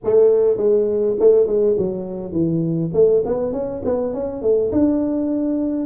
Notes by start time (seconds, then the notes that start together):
0.04 A3
0.57 G#3
1.19 A3
1.47 G#3
1.78 F#3
2.32 E3
2.93 A3
3.25 B3
3.52 C#4
3.84 B3
4.13 C#4
4.41 A3
4.72 D4